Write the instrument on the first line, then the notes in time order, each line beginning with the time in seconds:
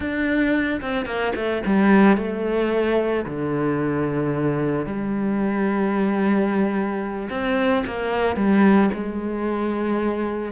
cello
0.00 D4
0.81 C4
1.05 A#3
1.35 A3
1.66 G3
2.17 A3
3.25 D3
4.86 G3
7.29 C4
7.86 A#3
8.36 G3
8.93 G#3